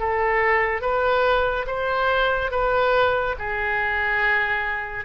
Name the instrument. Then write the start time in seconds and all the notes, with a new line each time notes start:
oboe
0.00 A4
0.82 B4
1.67 C5
2.51 B4
3.39 G#4